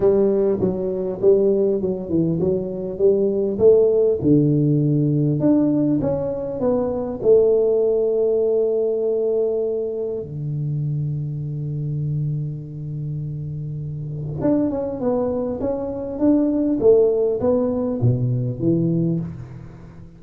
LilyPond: \new Staff \with { instrumentName = "tuba" } { \time 4/4 \tempo 4 = 100 g4 fis4 g4 fis8 e8 | fis4 g4 a4 d4~ | d4 d'4 cis'4 b4 | a1~ |
a4 d2.~ | d1 | d'8 cis'8 b4 cis'4 d'4 | a4 b4 b,4 e4 | }